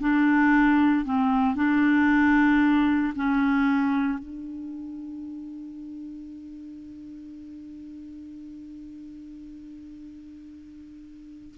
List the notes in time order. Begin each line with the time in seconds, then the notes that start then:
0.00 D4
1.05 C4
1.56 D4
3.15 C#4
4.19 D4